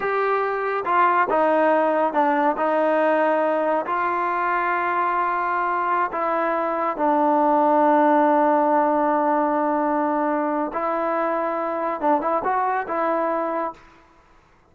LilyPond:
\new Staff \with { instrumentName = "trombone" } { \time 4/4 \tempo 4 = 140 g'2 f'4 dis'4~ | dis'4 d'4 dis'2~ | dis'4 f'2.~ | f'2~ f'16 e'4.~ e'16~ |
e'16 d'2.~ d'8.~ | d'1~ | d'4 e'2. | d'8 e'8 fis'4 e'2 | }